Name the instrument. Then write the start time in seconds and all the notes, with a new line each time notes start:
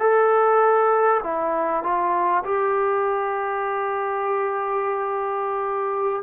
trombone
0.00 A4
1.24 E4
1.84 F4
2.45 G4